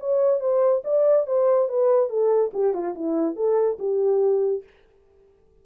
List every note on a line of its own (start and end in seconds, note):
0.00 0.40 C#5
0.40 0.82 C5
0.85 1.27 D5
1.27 1.69 C5
1.69 2.09 B4
2.09 2.52 A4
2.54 2.74 G4
2.74 2.95 F4
2.95 3.36 E4
3.36 3.78 A4
3.79 4.64 G4